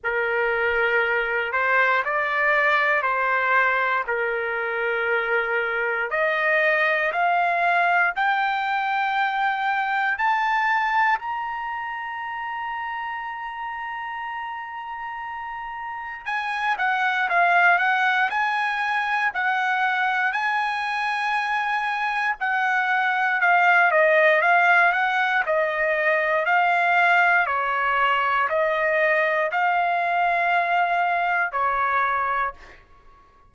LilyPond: \new Staff \with { instrumentName = "trumpet" } { \time 4/4 \tempo 4 = 59 ais'4. c''8 d''4 c''4 | ais'2 dis''4 f''4 | g''2 a''4 ais''4~ | ais''1 |
gis''8 fis''8 f''8 fis''8 gis''4 fis''4 | gis''2 fis''4 f''8 dis''8 | f''8 fis''8 dis''4 f''4 cis''4 | dis''4 f''2 cis''4 | }